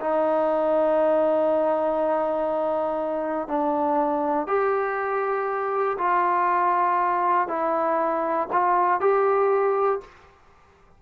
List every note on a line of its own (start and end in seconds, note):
0.00 3.47 D#4
3.47 4.47 D4
4.47 5.97 G4
5.97 7.47 F4
7.47 8.47 E4
8.52 9.00 F4
9.00 10.00 G4